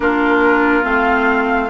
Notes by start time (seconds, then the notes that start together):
0.00 A#3 D4 F4 A#4
0.82 A3 C4 F5